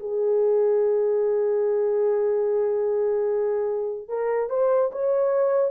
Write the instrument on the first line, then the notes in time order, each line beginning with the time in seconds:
horn
0.00 G#4
4.09 A#4
4.50 C5
4.92 C#5